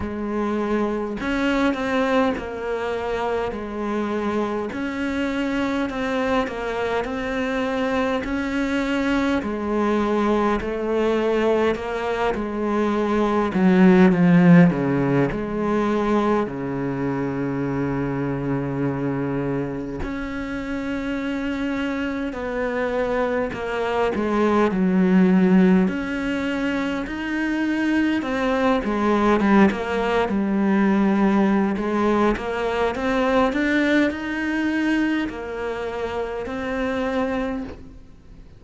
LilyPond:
\new Staff \with { instrumentName = "cello" } { \time 4/4 \tempo 4 = 51 gis4 cis'8 c'8 ais4 gis4 | cis'4 c'8 ais8 c'4 cis'4 | gis4 a4 ais8 gis4 fis8 | f8 cis8 gis4 cis2~ |
cis4 cis'2 b4 | ais8 gis8 fis4 cis'4 dis'4 | c'8 gis8 g16 ais8 g4~ g16 gis8 ais8 | c'8 d'8 dis'4 ais4 c'4 | }